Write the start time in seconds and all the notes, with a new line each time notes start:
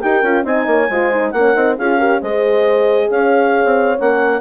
0.00 D#4 G4 A#4 G5
0.22 C#4 F4
0.43 C4 D#4 D#5 G#5
0.66 A#3 C#5
0.90 G#3 F4 C5
1.12 D#4
1.31 A#3 A#4 F#5
1.38 C#4
1.54 C4 D#4
1.78 C#4 F4 G#4 F5
1.98 G4 A#4
2.20 G#3 G#4 C5 D#5
3.09 C#4 C#5 F5
3.64 C4
3.98 A#3 C#4 F#5